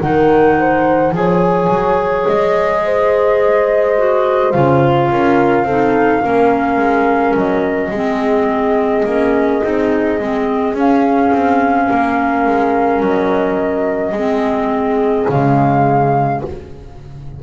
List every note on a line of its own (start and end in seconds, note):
0.00 1.12 D#3
0.00 1.14 D#4
0.00 0.57 A#4
0.00 1.14 F#5
0.59 1.15 C5
1.12 1.68 F3
1.12 3.97 G#4
1.12 2.84 C#5
1.12 2.27 G#5
1.69 2.26 F#3
2.27 4.54 G#3
2.27 4.52 D#5
2.84 5.11 C5
3.98 4.53 F#4
4.52 5.11 C#3
4.52 5.66 F4
4.52 7.35 F5
5.11 5.63 C#4
5.11 5.66 A#4
5.63 6.20 C4
5.63 6.23 D#4
5.63 6.21 A4
6.21 6.78 A#3
6.21 7.92 C#4
6.21 7.91 A#4
6.78 7.35 G#3
7.36 7.91 F#3
7.36 10.77 D#5
7.91 9.04 G#3
7.91 9.07 C4
7.91 11.87 G#4
9.05 9.62 A#3
9.05 9.62 C#4
9.62 10.20 C4
9.62 10.19 D#4
10.20 10.74 G#3
10.20 10.75 C4
10.74 11.31 C#4
10.74 14.15 C#4
10.74 13.03 F5
11.32 11.89 C4
11.87 12.47 A#3
11.87 14.14 A#4
12.47 13.01 G#3
13.01 14.12 F#3
13.01 15.28 D#5
14.12 15.25 G#3
14.12 15.30 C4
14.12 16.43 G#4
15.28 16.42 C#3
15.28 16.43 G#3
15.28 16.42 F5